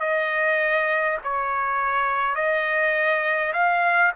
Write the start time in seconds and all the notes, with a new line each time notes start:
0.00 D#5
1.24 C#5
2.35 D#5
3.53 F5